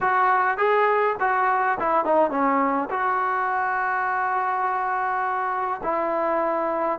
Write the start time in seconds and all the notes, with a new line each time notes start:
0.00 F#4
0.57 G#4
1.20 F#4
1.79 E4
2.04 D#4
2.30 C#4
2.90 F#4
5.83 E4